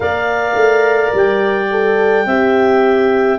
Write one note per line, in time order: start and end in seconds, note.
0.00 0.55 A#3
0.00 1.68 A#4
0.00 2.26 D5
0.00 1.13 F5
0.55 1.11 A3
1.13 2.25 G3
1.13 3.39 G5
1.71 2.27 A4
2.25 3.38 C4
2.25 3.39 G4
2.25 3.39 E5